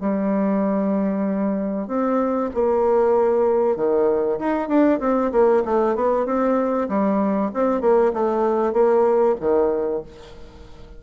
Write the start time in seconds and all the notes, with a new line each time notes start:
0.00 G3
1.87 C4
2.54 A#3
3.76 D#3
4.39 D#4
4.68 D4
5.00 C4
5.32 A#3
5.65 A3
5.95 B3
6.26 C4
6.88 G3
7.53 C4
7.81 A#3
8.13 A3
8.73 A#3
9.40 D#3